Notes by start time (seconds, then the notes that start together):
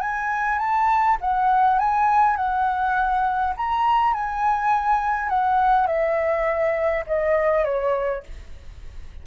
0.00 G#5
0.58 A5
1.21 F#5
1.78 G#5
2.36 F#5
3.56 A#5
4.13 G#5
5.29 F#5
5.86 E5
7.06 D#5
7.64 C#5